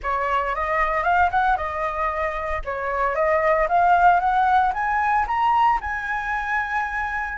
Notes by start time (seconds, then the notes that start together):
0.02 C#5
0.55 D#5
1.03 F5
1.31 F#5
1.56 D#5
2.64 C#5
3.15 D#5
3.68 F5
4.20 F#5
4.73 G#5
5.27 A#5
5.81 G#5